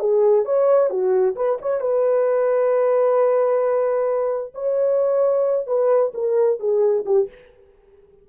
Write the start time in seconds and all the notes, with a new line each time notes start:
0.00 G#4
0.46 C#5
0.90 F#4
1.36 B4
1.62 C#5
1.81 B4
4.55 C#5
5.67 B4
6.14 A#4
6.60 G#4
7.06 G4